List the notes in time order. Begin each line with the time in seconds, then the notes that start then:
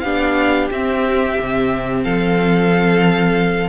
0.00 B3 D4 G4 F5
0.71 C4 E5
1.40 C3
2.03 F3 A4 F5